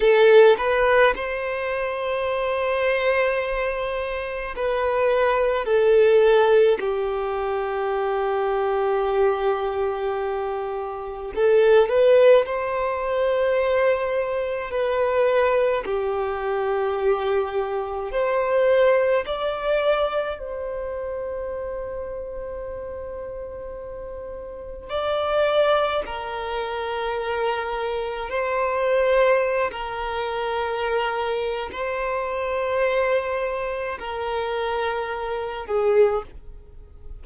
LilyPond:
\new Staff \with { instrumentName = "violin" } { \time 4/4 \tempo 4 = 53 a'8 b'8 c''2. | b'4 a'4 g'2~ | g'2 a'8 b'8 c''4~ | c''4 b'4 g'2 |
c''4 d''4 c''2~ | c''2 d''4 ais'4~ | ais'4 c''4~ c''16 ais'4.~ ais'16 | c''2 ais'4. gis'8 | }